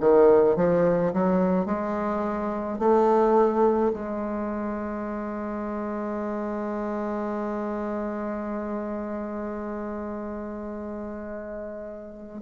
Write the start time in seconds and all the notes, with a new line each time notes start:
0.00 D#3
0.56 F3
1.14 F#3
1.66 G#3
2.79 A3
3.94 G#3